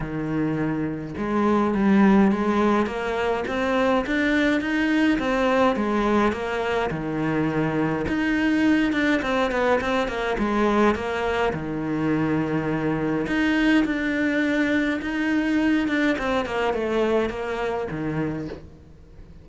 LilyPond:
\new Staff \with { instrumentName = "cello" } { \time 4/4 \tempo 4 = 104 dis2 gis4 g4 | gis4 ais4 c'4 d'4 | dis'4 c'4 gis4 ais4 | dis2 dis'4. d'8 |
c'8 b8 c'8 ais8 gis4 ais4 | dis2. dis'4 | d'2 dis'4. d'8 | c'8 ais8 a4 ais4 dis4 | }